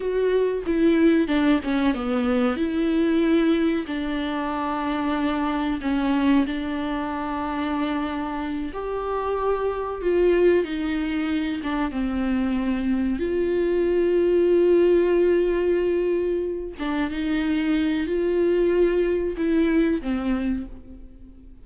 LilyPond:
\new Staff \with { instrumentName = "viola" } { \time 4/4 \tempo 4 = 93 fis'4 e'4 d'8 cis'8 b4 | e'2 d'2~ | d'4 cis'4 d'2~ | d'4. g'2 f'8~ |
f'8 dis'4. d'8 c'4.~ | c'8 f'2.~ f'8~ | f'2 d'8 dis'4. | f'2 e'4 c'4 | }